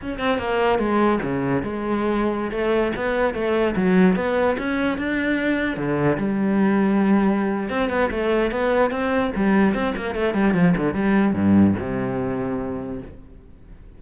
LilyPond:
\new Staff \with { instrumentName = "cello" } { \time 4/4 \tempo 4 = 148 cis'8 c'8 ais4 gis4 cis4 | gis2~ gis16 a4 b8.~ | b16 a4 fis4 b4 cis'8.~ | cis'16 d'2 d4 g8.~ |
g2. c'8 b8 | a4 b4 c'4 g4 | c'8 ais8 a8 g8 f8 d8 g4 | g,4 c2. | }